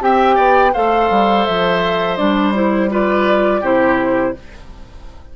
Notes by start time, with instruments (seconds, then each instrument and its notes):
0.00 bassoon C4, clarinet G4, oboe E5, flute G5
0.36 bassoon B3, oboe D5
0.73 bassoon A3, clarinet A4, oboe C5, flute F5
1.10 bassoon G3
1.46 bassoon F3, flute E5
2.17 bassoon G3, clarinet D4, flute D5
2.54 clarinet E4, flute C5
2.91 clarinet F4, oboe B4, flute D5
3.61 bassoon C3, clarinet E4, oboe G4, flute C5